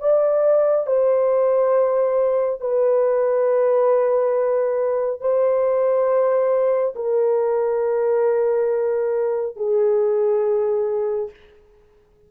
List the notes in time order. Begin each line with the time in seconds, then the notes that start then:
0.00 D5
0.87 C5
2.61 B4
5.21 C5
6.96 A#4
9.57 G#4